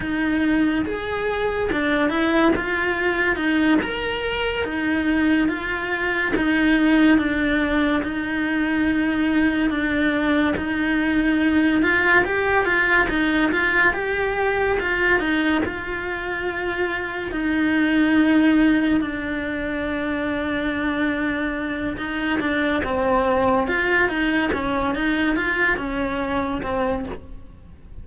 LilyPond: \new Staff \with { instrumentName = "cello" } { \time 4/4 \tempo 4 = 71 dis'4 gis'4 d'8 e'8 f'4 | dis'8 ais'4 dis'4 f'4 dis'8~ | dis'8 d'4 dis'2 d'8~ | d'8 dis'4. f'8 g'8 f'8 dis'8 |
f'8 g'4 f'8 dis'8 f'4.~ | f'8 dis'2 d'4.~ | d'2 dis'8 d'8 c'4 | f'8 dis'8 cis'8 dis'8 f'8 cis'4 c'8 | }